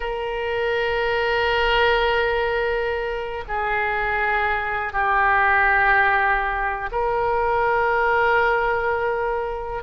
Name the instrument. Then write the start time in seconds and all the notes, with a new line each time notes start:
oboe
0.00 A#4
3.48 G#4
4.92 G4
6.91 A#4